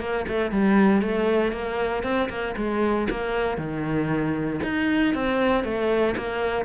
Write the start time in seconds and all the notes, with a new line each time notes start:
0.00 A#3
0.28 A3
0.51 G3
1.02 A3
1.52 A#3
2.03 C4
2.29 A#3
2.57 G#3
3.10 A#3
3.58 D#3
4.63 D#4
5.14 C4
5.64 A3
6.17 A#3